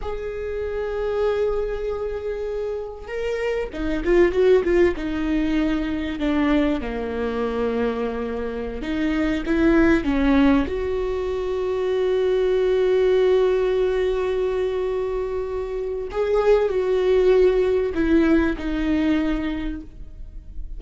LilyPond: \new Staff \with { instrumentName = "viola" } { \time 4/4 \tempo 4 = 97 gis'1~ | gis'4 ais'4 dis'8 f'8 fis'8 f'8 | dis'2 d'4 ais4~ | ais2~ ais16 dis'4 e'8.~ |
e'16 cis'4 fis'2~ fis'8.~ | fis'1~ | fis'2 gis'4 fis'4~ | fis'4 e'4 dis'2 | }